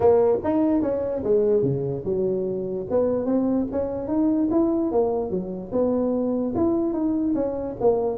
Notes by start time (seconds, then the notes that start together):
0.00 A#3
0.43 D#4
0.82 C#4
1.23 G#3
1.62 C#3
2.04 F#3
2.90 B3
3.25 C4
3.71 C#4
4.07 D#4
4.50 E4
4.91 A#3
5.30 F#3
5.71 B3
6.55 E4
6.93 D#4
7.35 C#4
7.80 A#3